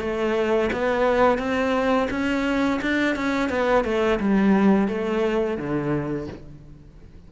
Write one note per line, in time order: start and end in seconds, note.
0.00 0.70 A3
0.72 1.38 B3
1.38 2.08 C4
2.10 2.80 C#4
2.81 3.15 D4
3.15 3.49 C#4
3.49 3.84 B3
3.84 4.19 A3
4.20 4.88 G3
4.88 5.58 A3
5.58 6.27 D3